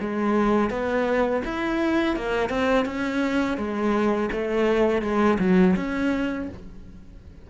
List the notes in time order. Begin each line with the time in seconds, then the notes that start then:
0.00 G#3
0.70 B3
1.45 E4
2.16 A#3
2.49 C4
2.85 C#4
3.58 G#3
4.32 A3
5.02 G#3
5.39 F#3
5.76 C#4